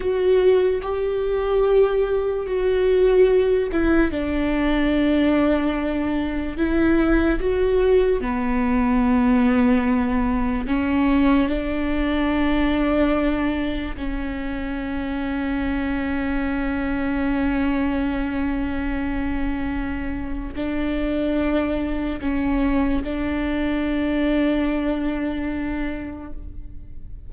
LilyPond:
\new Staff \with { instrumentName = "viola" } { \time 4/4 \tempo 4 = 73 fis'4 g'2 fis'4~ | fis'8 e'8 d'2. | e'4 fis'4 b2~ | b4 cis'4 d'2~ |
d'4 cis'2.~ | cis'1~ | cis'4 d'2 cis'4 | d'1 | }